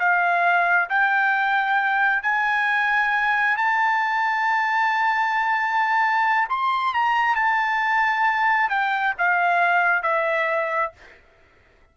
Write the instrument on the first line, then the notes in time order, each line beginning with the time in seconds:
trumpet
0.00 F5
0.90 G5
2.23 G#5
3.57 A5
6.49 C6
6.94 A#5
7.36 A5
8.69 G5
9.19 F5
10.03 E5